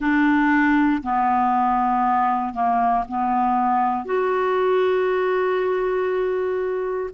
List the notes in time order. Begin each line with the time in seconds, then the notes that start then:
0.00 D4
1.02 B3
2.53 A#3
3.07 B3
4.04 F#4